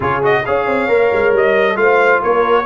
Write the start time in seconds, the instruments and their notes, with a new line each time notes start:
0.00 tuba C#3, trombone F4, horn G#4, trumpet C#5
0.22 trombone F#4, trumpet D#5
0.45 tuba C#4, trombone G#4, horn C#5, trumpet F5
0.67 tuba C4
0.88 tuba A#3, trombone A#4
1.12 tuba G#3
1.32 tuba G3, trumpet D#5
1.75 tuba A3, trombone F4, horn C5, trumpet F5
2.22 tuba A#3, horn A#4, trumpet C#5